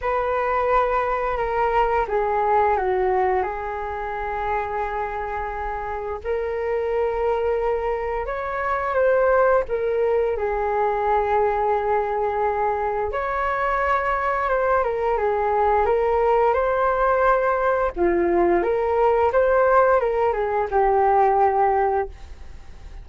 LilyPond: \new Staff \with { instrumentName = "flute" } { \time 4/4 \tempo 4 = 87 b'2 ais'4 gis'4 | fis'4 gis'2.~ | gis'4 ais'2. | cis''4 c''4 ais'4 gis'4~ |
gis'2. cis''4~ | cis''4 c''8 ais'8 gis'4 ais'4 | c''2 f'4 ais'4 | c''4 ais'8 gis'8 g'2 | }